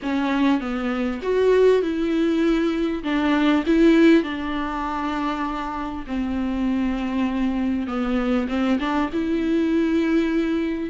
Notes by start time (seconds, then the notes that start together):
0.02 C#4
0.60 B3
1.22 F#4
1.82 E4
3.03 D4
3.66 E4
4.23 D4
6.07 C4
7.87 B3
8.48 C4
8.79 D4
9.12 E4